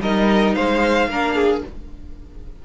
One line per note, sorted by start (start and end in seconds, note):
0.00 0.54 G3
0.00 1.11 D#4
0.00 0.55 A#4
0.00 0.55 D#5
0.55 1.07 G#3
0.55 1.09 C5
0.55 1.63 F5
1.07 1.61 A#3
1.07 1.65 D4
1.07 1.35 A#4
1.35 1.62 G#4